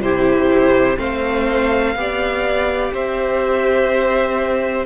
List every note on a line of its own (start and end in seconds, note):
0.00 0.97 C3
0.00 0.97 E4
0.00 0.99 G4
0.00 0.98 C5
0.97 1.95 A3
0.97 1.94 C4
0.97 1.96 C5
0.97 2.93 F5
1.95 2.92 B3
1.95 4.86 G4
1.95 2.93 D5
2.93 4.86 C4
2.93 4.86 C5
2.93 4.86 E5